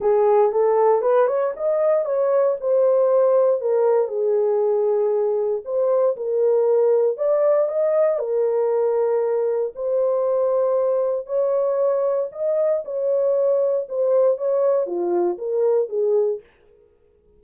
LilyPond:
\new Staff \with { instrumentName = "horn" } { \time 4/4 \tempo 4 = 117 gis'4 a'4 b'8 cis''8 dis''4 | cis''4 c''2 ais'4 | gis'2. c''4 | ais'2 d''4 dis''4 |
ais'2. c''4~ | c''2 cis''2 | dis''4 cis''2 c''4 | cis''4 f'4 ais'4 gis'4 | }